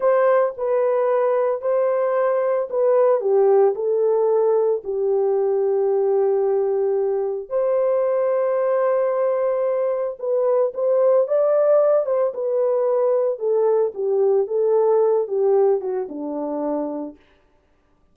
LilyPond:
\new Staff \with { instrumentName = "horn" } { \time 4/4 \tempo 4 = 112 c''4 b'2 c''4~ | c''4 b'4 g'4 a'4~ | a'4 g'2.~ | g'2 c''2~ |
c''2. b'4 | c''4 d''4. c''8 b'4~ | b'4 a'4 g'4 a'4~ | a'8 g'4 fis'8 d'2 | }